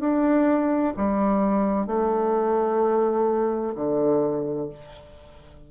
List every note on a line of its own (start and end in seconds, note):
0.00 0.94 D4
0.97 1.87 G3
1.87 3.74 A3
3.75 4.69 D3